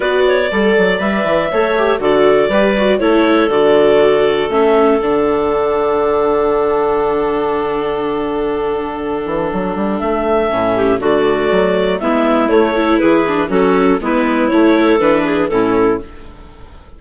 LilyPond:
<<
  \new Staff \with { instrumentName = "clarinet" } { \time 4/4 \tempo 4 = 120 d''2 e''2 | d''2 cis''4 d''4~ | d''4 e''4 fis''2~ | fis''1~ |
fis''1 | e''2 d''2 | e''4 cis''4 b'4 a'4 | b'4 cis''4 b'4 a'4 | }
  \new Staff \with { instrumentName = "clarinet" } { \time 4/4 b'8 cis''8 d''2 cis''4 | a'4 b'4 a'2~ | a'1~ | a'1~ |
a'1~ | a'4. g'8 fis'2 | e'4. a'8 gis'4 fis'4 | e'4. a'4 gis'8 e'4 | }
  \new Staff \with { instrumentName = "viola" } { \time 4/4 fis'4 a'4 b'4 a'8 g'8 | fis'4 g'8 fis'8 e'4 fis'4~ | fis'4 cis'4 d'2~ | d'1~ |
d'1~ | d'4 cis'4 a2 | b4 a8 e'4 d'8 cis'4 | b4 e'4 d'4 cis'4 | }
  \new Staff \with { instrumentName = "bassoon" } { \time 4/4 b4 g8 fis8 g8 e8 a4 | d4 g4 a4 d4~ | d4 a4 d2~ | d1~ |
d2~ d8 e8 fis8 g8 | a4 a,4 d4 fis4 | gis4 a4 e4 fis4 | gis4 a4 e4 a,4 | }
>>